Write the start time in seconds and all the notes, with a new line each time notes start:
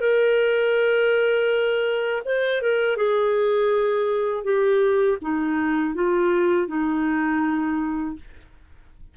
0.00 A#4
2.25 C5
2.61 A#4
2.96 G#4
4.43 G4
5.21 D#4
5.94 F4
6.67 D#4